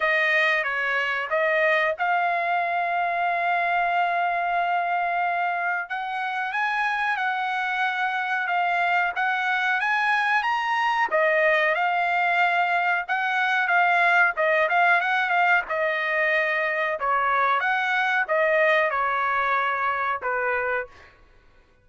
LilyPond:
\new Staff \with { instrumentName = "trumpet" } { \time 4/4 \tempo 4 = 92 dis''4 cis''4 dis''4 f''4~ | f''1~ | f''4 fis''4 gis''4 fis''4~ | fis''4 f''4 fis''4 gis''4 |
ais''4 dis''4 f''2 | fis''4 f''4 dis''8 f''8 fis''8 f''8 | dis''2 cis''4 fis''4 | dis''4 cis''2 b'4 | }